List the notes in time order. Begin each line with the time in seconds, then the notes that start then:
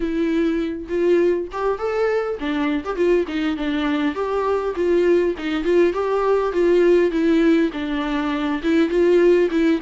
0.00 E4
0.88 F4
1.51 G4
1.78 A4
2.39 D4
2.84 G4
2.96 F4
3.27 D#4
3.56 D4
4.14 G4
4.75 F4
5.38 D#4
5.64 F4
5.93 G4
6.52 F4
7.11 E4
7.72 D4
8.62 E4
8.89 F4
9.50 E4